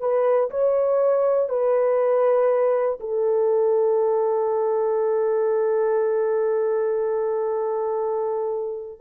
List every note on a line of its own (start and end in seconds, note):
0.00 0.50 B4
0.50 1.49 C#5
1.49 2.99 B4
3.00 9.00 A4